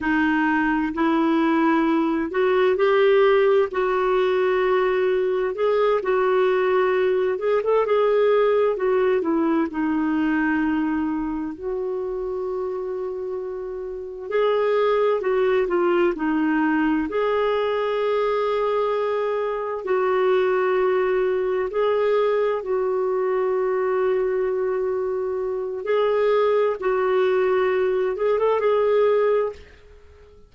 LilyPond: \new Staff \with { instrumentName = "clarinet" } { \time 4/4 \tempo 4 = 65 dis'4 e'4. fis'8 g'4 | fis'2 gis'8 fis'4. | gis'16 a'16 gis'4 fis'8 e'8 dis'4.~ | dis'8 fis'2. gis'8~ |
gis'8 fis'8 f'8 dis'4 gis'4.~ | gis'4. fis'2 gis'8~ | gis'8 fis'2.~ fis'8 | gis'4 fis'4. gis'16 a'16 gis'4 | }